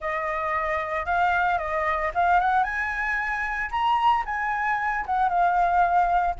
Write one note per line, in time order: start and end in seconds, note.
0.00 1.05 D#5
1.05 1.58 F5
1.58 2.11 D#5
2.14 2.40 F5
2.40 2.63 F#5
2.63 3.70 G#5
3.70 4.24 A#5
4.25 5.05 G#5
5.06 5.28 F#5
5.28 6.35 F5